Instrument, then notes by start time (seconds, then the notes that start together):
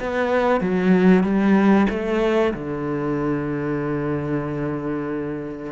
cello
0.00 B3
0.61 F#3
1.24 G3
1.90 A3
2.54 D3